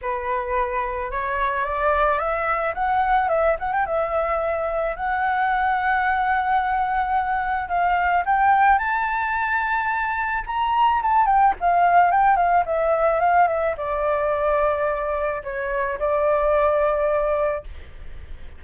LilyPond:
\new Staff \with { instrumentName = "flute" } { \time 4/4 \tempo 4 = 109 b'2 cis''4 d''4 | e''4 fis''4 e''8 fis''16 g''16 e''4~ | e''4 fis''2.~ | fis''2 f''4 g''4 |
a''2. ais''4 | a''8 g''8 f''4 g''8 f''8 e''4 | f''8 e''8 d''2. | cis''4 d''2. | }